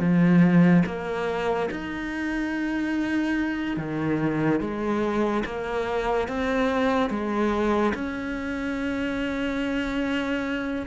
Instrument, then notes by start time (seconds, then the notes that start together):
cello
0.00 F3
0.86 A#3
1.71 D#4
3.77 D#3
4.61 G#3
5.45 A#3
6.28 C4
7.10 G#3
7.95 C#4